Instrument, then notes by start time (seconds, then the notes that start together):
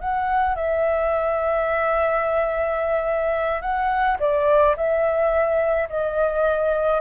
flute
0.00 F#5
0.55 E5
3.61 F#5
4.19 D5
4.76 E5
5.89 D#5